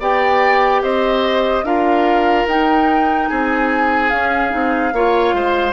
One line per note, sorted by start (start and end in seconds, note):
0.00 0.83 B3
0.00 1.65 G4
0.00 0.82 D5
0.00 0.84 G5
0.83 1.63 C4
0.83 1.66 C5
0.83 1.65 D#5
1.63 2.45 D4
1.63 2.48 F4
1.63 3.30 A#4
1.63 2.47 F5
2.47 3.29 D#4
2.47 4.12 D#4
2.47 3.28 G5
3.28 4.12 C4
3.28 4.94 G#4
3.28 4.10 G#5
4.10 4.50 C#4
4.10 4.53 C#4
4.10 5.73 F5
4.50 4.93 C4
4.50 4.91 D#4
4.93 5.34 A#3
4.93 5.73 F4
4.93 5.36 C#5
5.34 5.73 G#3
5.34 5.73 C5